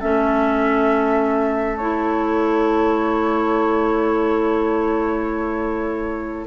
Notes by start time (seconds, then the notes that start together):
0.00 A3 C#4 A4 E5
1.77 E4 C#5